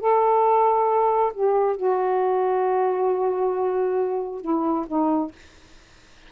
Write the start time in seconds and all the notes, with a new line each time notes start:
0.00 A4
1.34 G4
1.76 F#4
4.41 E4
4.87 D#4